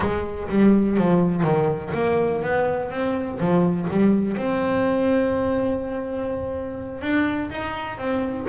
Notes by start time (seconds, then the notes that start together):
0.00 G#3
0.48 G3
0.97 F3
1.43 D#3
1.94 A#3
2.42 B3
2.90 C4
3.40 F3
3.90 G3
4.36 C4
7.01 D4
7.50 D#4
7.98 C4